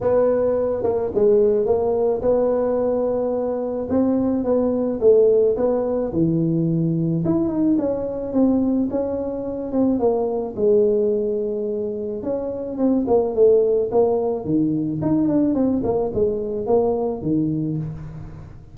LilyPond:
\new Staff \with { instrumentName = "tuba" } { \time 4/4 \tempo 4 = 108 b4. ais8 gis4 ais4 | b2. c'4 | b4 a4 b4 e4~ | e4 e'8 dis'8 cis'4 c'4 |
cis'4. c'8 ais4 gis4~ | gis2 cis'4 c'8 ais8 | a4 ais4 dis4 dis'8 d'8 | c'8 ais8 gis4 ais4 dis4 | }